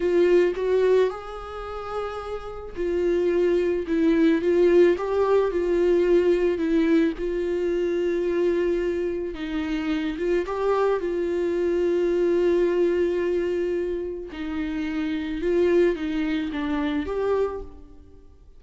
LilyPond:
\new Staff \with { instrumentName = "viola" } { \time 4/4 \tempo 4 = 109 f'4 fis'4 gis'2~ | gis'4 f'2 e'4 | f'4 g'4 f'2 | e'4 f'2.~ |
f'4 dis'4. f'8 g'4 | f'1~ | f'2 dis'2 | f'4 dis'4 d'4 g'4 | }